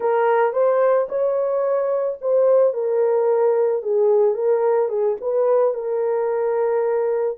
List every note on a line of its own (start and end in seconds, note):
0.00 0.52 A#4
0.52 1.07 C5
1.09 2.18 C#5
2.21 2.73 C5
2.73 3.82 A#4
3.82 4.34 G#4
4.34 4.88 A#4
4.88 5.16 G#4
5.21 5.73 B4
5.73 7.37 A#4